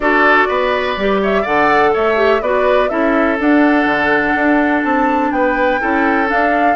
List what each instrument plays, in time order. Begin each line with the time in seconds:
0.00 bassoon D4, clarinet F#4, oboe A4, flute D5
0.48 bassoon B3, oboe B4
0.96 bassoon G3, clarinet G4
1.22 oboe C#5, flute E5
1.41 bassoon D3, clarinet A4, oboe D5, flute F#5
1.93 bassoon A3, oboe C#5, flute E5
2.16 clarinet G4
2.41 bassoon B3, clarinet F#4, oboe B4, flute D5
2.88 bassoon C#4, clarinet E4, oboe A4, flute E5
3.39 clarinet D4, bassoon D4, flute F#5
3.85 bassoon D3
4.34 bassoon D4
4.83 bassoon C4, flute A5
5.31 bassoon B3, oboe B4, flute G5
5.80 bassoon C#4, clarinet E4, oboe A4
6.26 clarinet D4, bassoon D4, flute F5